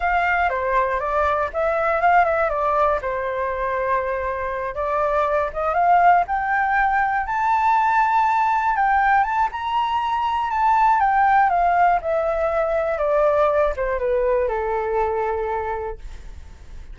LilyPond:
\new Staff \with { instrumentName = "flute" } { \time 4/4 \tempo 4 = 120 f''4 c''4 d''4 e''4 | f''8 e''8 d''4 c''2~ | c''4. d''4. dis''8 f''8~ | f''8 g''2 a''4.~ |
a''4. g''4 a''8 ais''4~ | ais''4 a''4 g''4 f''4 | e''2 d''4. c''8 | b'4 a'2. | }